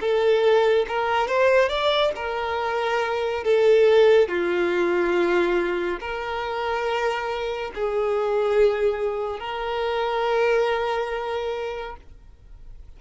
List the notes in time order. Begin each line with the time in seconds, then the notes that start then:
0.00 A4
0.88 A#4
1.27 C5
1.68 D5
2.15 A#4
3.44 A4
4.28 F4
6.00 A#4
7.74 G#4
9.39 A#4